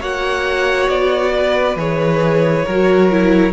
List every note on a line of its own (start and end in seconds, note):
0.00 0.88 A#3
0.00 1.77 F#4
0.00 1.32 C#5
0.00 0.89 F#5
0.89 1.76 B3
0.89 1.77 D5
1.36 2.65 B4
1.76 2.64 E3
1.76 2.66 G#4
1.76 3.53 C#5
2.65 3.53 F#3
2.65 3.11 F#4
2.65 3.53 A#4
3.11 3.53 E4